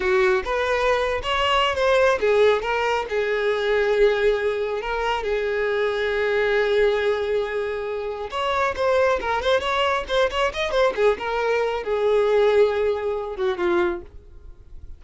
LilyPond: \new Staff \with { instrumentName = "violin" } { \time 4/4 \tempo 4 = 137 fis'4 b'4.~ b'16 cis''4~ cis''16 | c''4 gis'4 ais'4 gis'4~ | gis'2. ais'4 | gis'1~ |
gis'2. cis''4 | c''4 ais'8 c''8 cis''4 c''8 cis''8 | dis''8 c''8 gis'8 ais'4. gis'4~ | gis'2~ gis'8 fis'8 f'4 | }